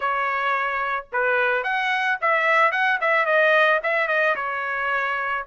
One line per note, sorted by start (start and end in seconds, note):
0.00 1.05 C#5
1.12 1.63 B4
1.63 2.18 F#5
2.21 2.71 E5
2.71 2.98 F#5
3.00 3.25 E5
3.25 3.80 D#5
3.83 4.07 E5
4.07 4.35 D#5
4.35 5.44 C#5